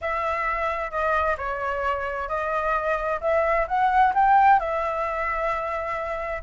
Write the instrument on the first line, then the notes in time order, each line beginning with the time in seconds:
flute
0.01 E5
0.90 D#5
1.37 C#5
2.28 D#5
3.21 E5
3.67 F#5
4.14 G5
4.59 E5